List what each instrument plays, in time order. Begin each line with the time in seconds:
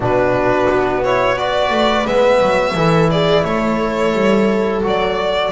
0.00 double bass B2, trombone D4, viola F#4, violin B4
0.69 double bass B3
1.03 trombone E4, violin C#5
1.35 trombone F#4, viola B4, violin D5
1.70 double bass A3
2.05 double bass G#3, trombone B3, violin E5
2.41 double bass F#3
2.74 double bass E3, trombone E4, viola A4
3.10 viola G#4, violin D5
3.44 double bass A3, viola A4, violin C#5
4.13 double bass G3
4.82 double bass F#3, trombone F#4, violin D5